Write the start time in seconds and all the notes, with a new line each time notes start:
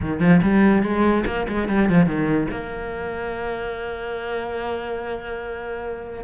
0.01 D#3
0.20 F3
0.42 G3
0.82 G#3
1.26 A#3
1.48 G#3
1.68 G3
1.89 F3
2.05 D#3
2.50 A#3